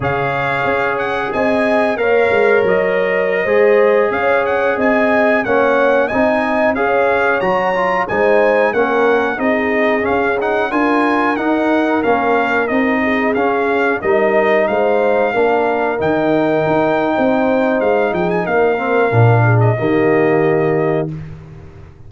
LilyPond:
<<
  \new Staff \with { instrumentName = "trumpet" } { \time 4/4 \tempo 4 = 91 f''4. fis''8 gis''4 f''4 | dis''2~ dis''16 f''8 fis''8 gis''8.~ | gis''16 fis''4 gis''4 f''4 ais''8.~ | ais''16 gis''4 fis''4 dis''4 f''8 fis''16~ |
fis''16 gis''4 fis''4 f''4 dis''8.~ | dis''16 f''4 dis''4 f''4.~ f''16~ | f''16 g''2~ g''8. f''8 g''16 gis''16 | f''4.~ f''16 dis''2~ dis''16 | }
  \new Staff \with { instrumentName = "horn" } { \time 4/4 cis''2 dis''4 cis''4~ | cis''4~ cis''16 c''4 cis''4 dis''8.~ | dis''16 cis''4 dis''4 cis''4.~ cis''16~ | cis''16 c''4 ais'4 gis'4.~ gis'16~ |
gis'16 ais'2.~ ais'8 gis'16~ | gis'4~ gis'16 ais'4 c''4 ais'8.~ | ais'2 c''4. gis'8 | ais'4. gis'8 g'2 | }
  \new Staff \with { instrumentName = "trombone" } { \time 4/4 gis'2. ais'4~ | ais'4~ ais'16 gis'2~ gis'8.~ | gis'16 cis'4 dis'4 gis'4 fis'8 f'16~ | f'16 dis'4 cis'4 dis'4 cis'8 dis'16~ |
dis'16 f'4 dis'4 cis'4 dis'8.~ | dis'16 cis'4 dis'2 d'8.~ | d'16 dis'2.~ dis'8.~ | dis'8 c'8 d'4 ais2 | }
  \new Staff \with { instrumentName = "tuba" } { \time 4/4 cis4 cis'4 c'4 ais8 gis8 | fis4~ fis16 gis4 cis'4 c'8.~ | c'16 ais4 c'4 cis'4 fis8.~ | fis16 gis4 ais4 c'4 cis'8.~ |
cis'16 d'4 dis'4 ais4 c'8.~ | c'16 cis'4 g4 gis4 ais8.~ | ais16 dis4 dis'8. c'4 gis8 f8 | ais4 ais,4 dis2 | }
>>